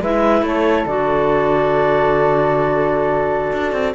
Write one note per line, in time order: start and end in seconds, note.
0.00 0.42 G#3
0.00 0.87 E4
0.00 0.44 B4
0.00 0.45 E5
0.42 0.85 A3
0.42 3.95 A4
0.42 0.86 C#5
0.86 3.52 D3
0.86 3.95 F#4
0.86 3.95 D5
3.52 3.72 D4
3.72 3.93 C4